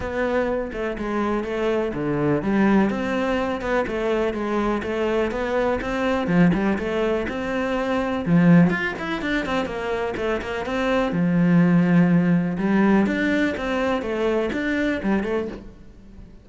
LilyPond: \new Staff \with { instrumentName = "cello" } { \time 4/4 \tempo 4 = 124 b4. a8 gis4 a4 | d4 g4 c'4. b8 | a4 gis4 a4 b4 | c'4 f8 g8 a4 c'4~ |
c'4 f4 f'8 e'8 d'8 c'8 | ais4 a8 ais8 c'4 f4~ | f2 g4 d'4 | c'4 a4 d'4 g8 a8 | }